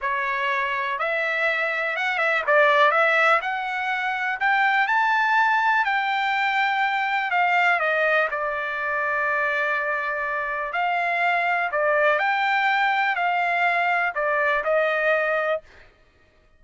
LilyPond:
\new Staff \with { instrumentName = "trumpet" } { \time 4/4 \tempo 4 = 123 cis''2 e''2 | fis''8 e''8 d''4 e''4 fis''4~ | fis''4 g''4 a''2 | g''2. f''4 |
dis''4 d''2.~ | d''2 f''2 | d''4 g''2 f''4~ | f''4 d''4 dis''2 | }